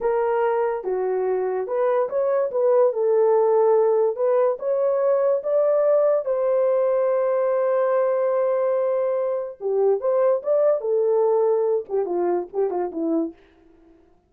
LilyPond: \new Staff \with { instrumentName = "horn" } { \time 4/4 \tempo 4 = 144 ais'2 fis'2 | b'4 cis''4 b'4 a'4~ | a'2 b'4 cis''4~ | cis''4 d''2 c''4~ |
c''1~ | c''2. g'4 | c''4 d''4 a'2~ | a'8 g'8 f'4 g'8 f'8 e'4 | }